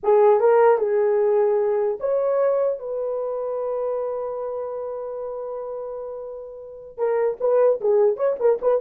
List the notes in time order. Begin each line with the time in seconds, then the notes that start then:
0.03 G#4
0.40 A#4
0.78 G#4
2.00 C#5
2.79 B4
6.97 A#4
7.40 B4
7.81 G#4
8.16 C#5
8.39 A#4
8.61 B4